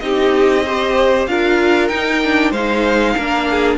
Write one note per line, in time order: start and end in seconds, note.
0.00 1.27 C4
0.00 0.65 D#4
0.00 0.66 G4
0.00 1.26 D#5
0.66 1.28 G4
0.66 1.29 C5
1.27 1.91 D4
1.27 1.90 F4
1.27 2.51 A#4
1.27 1.88 F5
1.88 2.21 D#4
1.88 2.51 D#4
1.88 2.52 G5
2.23 2.55 D4
2.51 3.15 G#3
2.51 3.19 D#4
2.51 3.14 C5
2.51 3.78 F5
3.17 3.78 A#3
3.17 3.78 D4
3.17 3.48 A#4
3.51 3.78 G#4